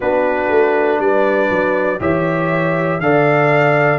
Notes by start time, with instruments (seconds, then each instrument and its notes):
0.00 tuba B3, trombone D4, horn F#4, trumpet B4
0.50 tuba A3
0.99 tuba G3, horn B4, trumpet D5
1.50 tuba F#3
1.99 tuba E3, trombone G4, horn C#5, trumpet E5
3.00 tuba D3, trombone A4, horn D5, trumpet F5